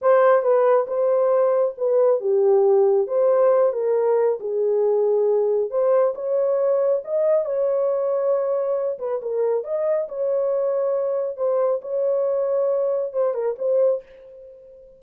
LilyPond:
\new Staff \with { instrumentName = "horn" } { \time 4/4 \tempo 4 = 137 c''4 b'4 c''2 | b'4 g'2 c''4~ | c''8 ais'4. gis'2~ | gis'4 c''4 cis''2 |
dis''4 cis''2.~ | cis''8 b'8 ais'4 dis''4 cis''4~ | cis''2 c''4 cis''4~ | cis''2 c''8 ais'8 c''4 | }